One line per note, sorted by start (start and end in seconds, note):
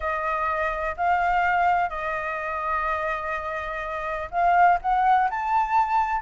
0.00 0.95 D#5
0.96 1.89 F5
1.89 4.29 D#5
4.30 4.78 F5
4.81 5.29 F#5
5.30 6.21 A5